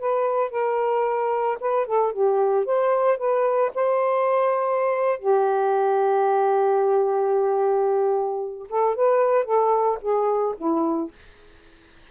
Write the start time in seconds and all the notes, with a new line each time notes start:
0.00 B4
0.51 A#4
1.61 B4
1.87 A4
2.13 G4
2.66 C5
3.18 B4
3.75 C5
5.20 G4
8.70 A4
8.96 B4
9.45 A4
10.02 G#4
10.58 E4